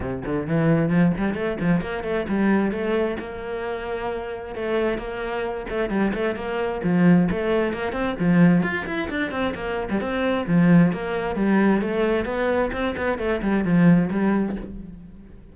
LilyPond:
\new Staff \with { instrumentName = "cello" } { \time 4/4 \tempo 4 = 132 c8 d8 e4 f8 g8 a8 f8 | ais8 a8 g4 a4 ais4~ | ais2 a4 ais4~ | ais8 a8 g8 a8 ais4 f4 |
a4 ais8 c'8 f4 f'8 e'8 | d'8 c'8 ais8. g16 c'4 f4 | ais4 g4 a4 b4 | c'8 b8 a8 g8 f4 g4 | }